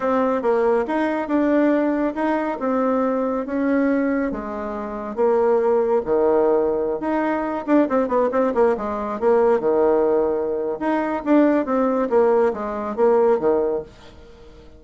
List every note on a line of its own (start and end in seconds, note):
0.00 0.42 C4
0.42 0.85 A#3
0.87 1.27 D#4
1.27 2.14 D4
2.14 2.57 D#4
2.59 3.46 C4
3.46 4.31 C#4
4.31 5.15 G#3
5.15 6.01 A#3
6.05 6.99 D#3
6.99 7.64 D#4
7.66 7.88 D4
7.88 8.07 C4
8.07 8.29 B3
8.31 8.53 C4
8.54 8.75 A#3
8.77 9.20 G#3
9.20 9.59 A#3
9.59 10.78 D#3
10.79 11.22 D#4
11.24 11.65 D4
11.65 12.08 C4
12.09 12.52 A#3
12.53 12.96 G#3
12.96 13.39 A#3
13.39 13.82 D#3